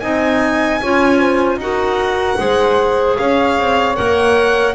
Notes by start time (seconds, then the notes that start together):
0.00 C4 D#4 D#5 G#5
0.80 C#4 F4 C#5
1.19 C5
1.56 D#4 F#4 A#4 F#5
2.37 G#3 G#4 C5
3.17 C#4 C#5 F5
3.58 C4
3.95 A#3 A#4 F#5